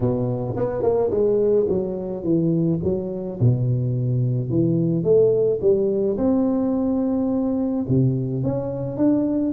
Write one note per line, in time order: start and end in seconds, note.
0.00 0.56 B2
0.56 0.82 B3
0.82 1.10 A#3
1.10 1.66 G#3
1.68 2.23 F#3
2.23 2.79 E3
2.83 3.39 F#3
3.40 4.50 B2
4.50 5.03 E3
5.03 5.59 A3
5.61 6.17 G3
6.17 7.85 C4
7.88 8.43 C3
8.43 8.97 C#4
8.97 9.53 D4